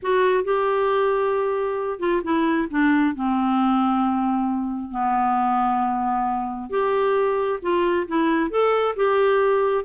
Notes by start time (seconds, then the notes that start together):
0.02 F#4
0.44 G4
1.99 F4
2.23 E4
2.70 D4
3.15 C4
4.91 B3
6.70 G4
7.61 F4
8.07 E4
8.50 A4
8.96 G4